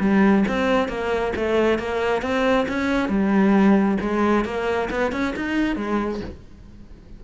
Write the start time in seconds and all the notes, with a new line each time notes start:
0.00 G3
0.48 C4
0.88 A#3
1.36 A3
1.79 A#3
2.22 C4
2.68 C#4
3.09 G3
4.00 G#3
4.45 A#3
4.90 B3
5.12 C#4
5.36 D#4
5.76 G#3